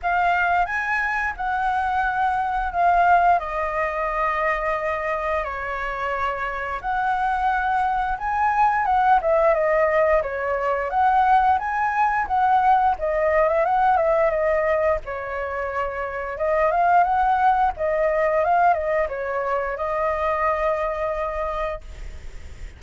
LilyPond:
\new Staff \with { instrumentName = "flute" } { \time 4/4 \tempo 4 = 88 f''4 gis''4 fis''2 | f''4 dis''2. | cis''2 fis''2 | gis''4 fis''8 e''8 dis''4 cis''4 |
fis''4 gis''4 fis''4 dis''8. e''16 | fis''8 e''8 dis''4 cis''2 | dis''8 f''8 fis''4 dis''4 f''8 dis''8 | cis''4 dis''2. | }